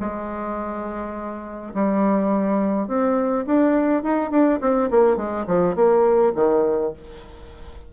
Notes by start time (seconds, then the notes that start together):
0.00 G#3
1.74 G3
2.87 C4
3.46 D4
4.03 D#4
4.30 D4
4.61 C4
4.90 A#3
5.16 G#3
5.47 F3
5.75 A#3
6.35 D#3